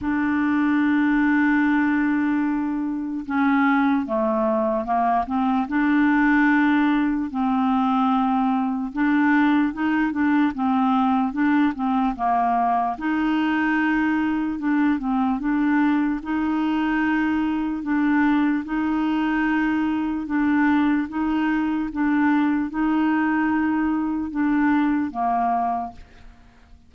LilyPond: \new Staff \with { instrumentName = "clarinet" } { \time 4/4 \tempo 4 = 74 d'1 | cis'4 a4 ais8 c'8 d'4~ | d'4 c'2 d'4 | dis'8 d'8 c'4 d'8 c'8 ais4 |
dis'2 d'8 c'8 d'4 | dis'2 d'4 dis'4~ | dis'4 d'4 dis'4 d'4 | dis'2 d'4 ais4 | }